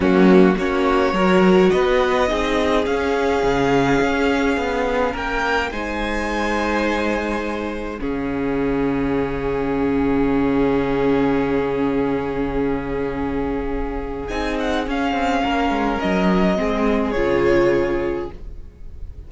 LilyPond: <<
  \new Staff \with { instrumentName = "violin" } { \time 4/4 \tempo 4 = 105 fis'4 cis''2 dis''4~ | dis''4 f''2.~ | f''4 g''4 gis''2~ | gis''2 f''2~ |
f''1~ | f''1~ | f''4 gis''8 fis''8 f''2 | dis''2 cis''2 | }
  \new Staff \with { instrumentName = "violin" } { \time 4/4 cis'4 fis'4 ais'4 b'4 | gis'1~ | gis'4 ais'4 c''2~ | c''2 gis'2~ |
gis'1~ | gis'1~ | gis'2. ais'4~ | ais'4 gis'2. | }
  \new Staff \with { instrumentName = "viola" } { \time 4/4 ais4 cis'4 fis'2 | dis'4 cis'2.~ | cis'2 dis'2~ | dis'2 cis'2~ |
cis'1~ | cis'1~ | cis'4 dis'4 cis'2~ | cis'4 c'4 f'2 | }
  \new Staff \with { instrumentName = "cello" } { \time 4/4 fis4 ais4 fis4 b4 | c'4 cis'4 cis4 cis'4 | b4 ais4 gis2~ | gis2 cis2~ |
cis1~ | cis1~ | cis4 c'4 cis'8 c'8 ais8 gis8 | fis4 gis4 cis2 | }
>>